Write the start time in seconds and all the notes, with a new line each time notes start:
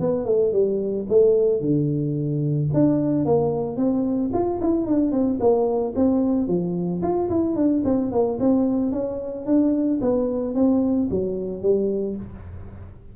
0.00 B3
0.25 A3
0.52 G3
1.09 A3
1.60 D3
2.73 D4
3.25 A#3
3.77 C4
4.33 F4
4.60 E4
4.86 D4
5.12 C4
5.40 A#3
5.96 C4
6.47 F3
7.02 F4
7.29 E4
7.56 D4
7.85 C4
8.11 A#3
8.39 C4
8.92 C#4
9.46 D4
10.01 B3
10.55 C4
11.10 F#3
11.62 G3